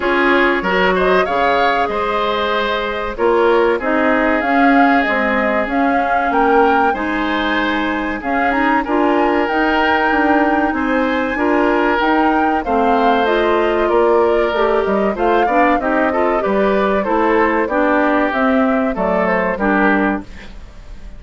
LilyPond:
<<
  \new Staff \with { instrumentName = "flute" } { \time 4/4 \tempo 4 = 95 cis''4. dis''8 f''4 dis''4~ | dis''4 cis''4 dis''4 f''4 | dis''4 f''4 g''4 gis''4~ | gis''4 f''8 ais''8 gis''4 g''4~ |
g''4 gis''2 g''4 | f''4 dis''4 d''4. dis''8 | f''4 dis''4 d''4 c''4 | d''4 e''4 d''8 c''8 ais'4 | }
  \new Staff \with { instrumentName = "oboe" } { \time 4/4 gis'4 ais'8 c''8 cis''4 c''4~ | c''4 ais'4 gis'2~ | gis'2 ais'4 c''4~ | c''4 gis'4 ais'2~ |
ais'4 c''4 ais'2 | c''2 ais'2 | c''8 d''8 g'8 a'8 b'4 a'4 | g'2 a'4 g'4 | }
  \new Staff \with { instrumentName = "clarinet" } { \time 4/4 f'4 fis'4 gis'2~ | gis'4 f'4 dis'4 cis'4 | gis4 cis'2 dis'4~ | dis'4 cis'8 dis'8 f'4 dis'4~ |
dis'2 f'4 dis'4 | c'4 f'2 g'4 | f'8 d'8 dis'8 f'8 g'4 e'4 | d'4 c'4 a4 d'4 | }
  \new Staff \with { instrumentName = "bassoon" } { \time 4/4 cis'4 fis4 cis4 gis4~ | gis4 ais4 c'4 cis'4 | c'4 cis'4 ais4 gis4~ | gis4 cis'4 d'4 dis'4 |
d'4 c'4 d'4 dis'4 | a2 ais4 a8 g8 | a8 b8 c'4 g4 a4 | b4 c'4 fis4 g4 | }
>>